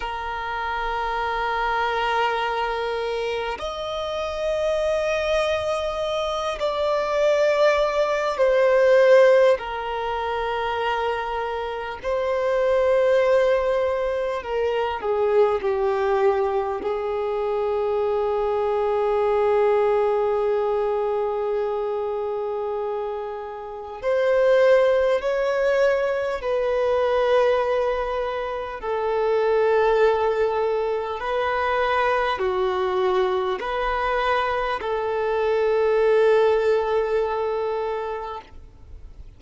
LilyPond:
\new Staff \with { instrumentName = "violin" } { \time 4/4 \tempo 4 = 50 ais'2. dis''4~ | dis''4. d''4. c''4 | ais'2 c''2 | ais'8 gis'8 g'4 gis'2~ |
gis'1 | c''4 cis''4 b'2 | a'2 b'4 fis'4 | b'4 a'2. | }